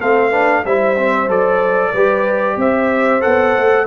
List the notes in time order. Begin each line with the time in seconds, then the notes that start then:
0.00 A3 C4 A4 F5
0.30 D4 B4
0.65 G3 E4 C5 E5
0.97 C4
1.29 F#3 A4 D5
1.93 G3 G4 B4
2.57 C4 C5 E5
3.21 B3 A4 F#5
3.57 A3